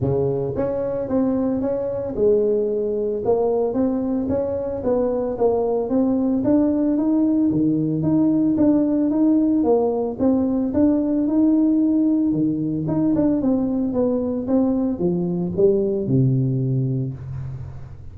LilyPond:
\new Staff \with { instrumentName = "tuba" } { \time 4/4 \tempo 4 = 112 cis4 cis'4 c'4 cis'4 | gis2 ais4 c'4 | cis'4 b4 ais4 c'4 | d'4 dis'4 dis4 dis'4 |
d'4 dis'4 ais4 c'4 | d'4 dis'2 dis4 | dis'8 d'8 c'4 b4 c'4 | f4 g4 c2 | }